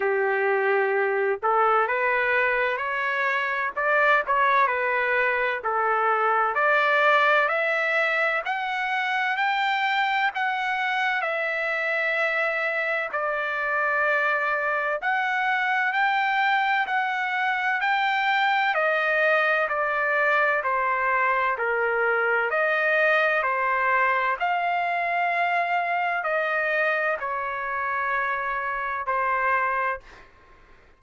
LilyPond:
\new Staff \with { instrumentName = "trumpet" } { \time 4/4 \tempo 4 = 64 g'4. a'8 b'4 cis''4 | d''8 cis''8 b'4 a'4 d''4 | e''4 fis''4 g''4 fis''4 | e''2 d''2 |
fis''4 g''4 fis''4 g''4 | dis''4 d''4 c''4 ais'4 | dis''4 c''4 f''2 | dis''4 cis''2 c''4 | }